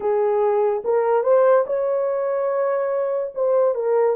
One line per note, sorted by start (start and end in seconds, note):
0.00 0.83 G#4
0.84 1.23 A#4
1.23 1.64 C5
1.66 3.33 C#5
3.34 3.75 C5
3.75 4.16 A#4